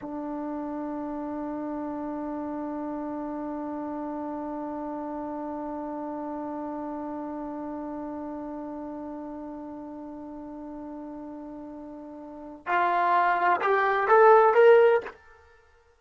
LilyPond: \new Staff \with { instrumentName = "trombone" } { \time 4/4 \tempo 4 = 128 d'1~ | d'1~ | d'1~ | d'1~ |
d'1~ | d'1~ | d'2. f'4~ | f'4 g'4 a'4 ais'4 | }